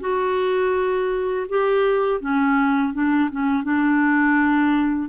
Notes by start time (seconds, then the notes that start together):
0.00 F#4
1.49 G4
2.21 C#4
2.93 D4
3.31 C#4
3.63 D4